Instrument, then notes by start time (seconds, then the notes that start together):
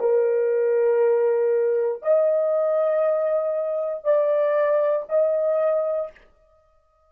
horn
0.00 A#4
2.03 D#5
4.04 D5
5.09 D#5